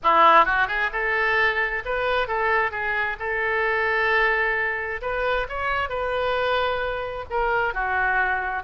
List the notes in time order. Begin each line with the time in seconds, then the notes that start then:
0.03 E4
0.45 F#4
0.67 G#4
0.92 A4
1.85 B4
2.27 A4
2.71 G#4
3.19 A4
5.01 B4
5.49 C#5
5.89 B4
7.30 A#4
7.74 F#4